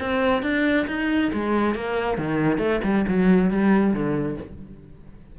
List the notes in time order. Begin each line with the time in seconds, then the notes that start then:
0.00 C4
0.43 D4
0.87 D#4
1.33 G#3
1.75 A#3
2.18 D#3
2.58 A3
2.84 G3
3.08 F#3
3.51 G3
3.94 D3